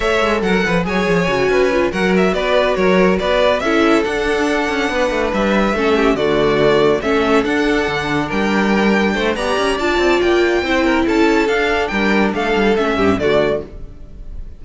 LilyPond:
<<
  \new Staff \with { instrumentName = "violin" } { \time 4/4 \tempo 4 = 141 e''4 fis''4 gis''2~ | gis''8 fis''8 e''8 d''4 cis''4 d''8~ | d''8 e''4 fis''2~ fis''8~ | fis''8 e''2 d''4.~ |
d''8 e''4 fis''2 g''8~ | g''2 ais''4 a''4 | g''2 a''4 f''4 | g''4 f''4 e''4 d''4 | }
  \new Staff \with { instrumentName = "violin" } { \time 4/4 cis''4 ais'8 b'8 cis''4. b'8~ | b'8 ais'4 b'4 ais'4 b'8~ | b'8 a'2. b'8~ | b'4. a'8 g'8 fis'4.~ |
fis'8 a'2. ais'8~ | ais'4. c''8 d''2~ | d''4 c''8 ais'8 a'2 | ais'4 a'4. g'8 fis'4 | }
  \new Staff \with { instrumentName = "viola" } { \time 4/4 a'2 gis'4 fis'4 | f'8 fis'2.~ fis'8~ | fis'8 e'4 d'2~ d'8~ | d'4. cis'4 a4.~ |
a8 cis'4 d'2~ d'8~ | d'2 g'4 f'4~ | f'4 e'2 d'4~ | d'2 cis'4 a4 | }
  \new Staff \with { instrumentName = "cello" } { \time 4/4 a8 gis8 fis8 f8 fis8 f8 cis8 cis'8~ | cis'8 fis4 b4 fis4 b8~ | b8 cis'4 d'4. cis'8 b8 | a8 g4 a4 d4.~ |
d8 a4 d'4 d4 g8~ | g4. a8 b8 cis'8 d'8 c'8 | ais4 c'4 cis'4 d'4 | g4 a8 g8 a8 g,8 d4 | }
>>